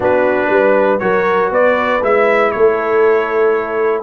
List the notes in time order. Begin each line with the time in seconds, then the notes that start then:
0.00 B3 D4 F#4 B4
0.49 G3 B4
0.99 F#3 F#4 A#4 C#5
1.50 B3 B4 D5
2.03 G#3 E4 E5
2.51 A3 A4 C#5